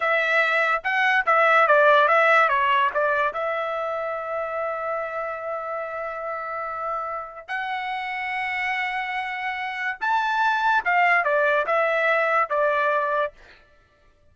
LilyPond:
\new Staff \with { instrumentName = "trumpet" } { \time 4/4 \tempo 4 = 144 e''2 fis''4 e''4 | d''4 e''4 cis''4 d''4 | e''1~ | e''1~ |
e''2 fis''2~ | fis''1 | a''2 f''4 d''4 | e''2 d''2 | }